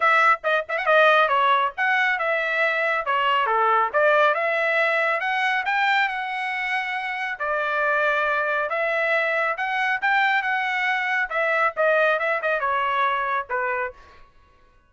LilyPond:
\new Staff \with { instrumentName = "trumpet" } { \time 4/4 \tempo 4 = 138 e''4 dis''8 e''16 fis''16 dis''4 cis''4 | fis''4 e''2 cis''4 | a'4 d''4 e''2 | fis''4 g''4 fis''2~ |
fis''4 d''2. | e''2 fis''4 g''4 | fis''2 e''4 dis''4 | e''8 dis''8 cis''2 b'4 | }